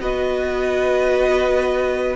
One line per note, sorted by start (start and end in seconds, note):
0.00 2.16 B3
0.00 2.16 F#4
0.00 2.16 B4
0.00 2.16 D#5